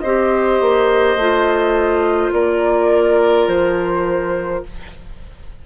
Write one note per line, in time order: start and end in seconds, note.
0.00 0.61 C4
0.00 1.20 G4
0.00 2.34 C5
0.00 2.31 D#5
0.61 1.16 A#3
1.16 2.31 A3
1.16 4.66 F4
2.32 3.48 A#3
2.32 4.65 A#4
2.32 3.48 D5
3.48 4.63 F3
3.48 4.63 C5